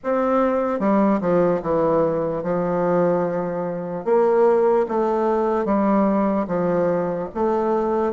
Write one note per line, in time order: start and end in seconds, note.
0.03 0.79 C4
0.79 1.20 G3
1.21 1.61 F3
1.62 2.42 E3
2.42 4.04 F3
4.05 4.86 A#3
4.88 5.65 A3
5.65 6.46 G3
6.47 7.28 F3
7.34 8.12 A3